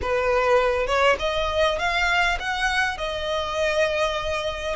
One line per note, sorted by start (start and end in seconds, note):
0.01 0.86 B4
0.86 1.16 C#5
1.19 1.78 D#5
1.78 2.38 F5
2.39 2.97 F#5
2.97 4.75 D#5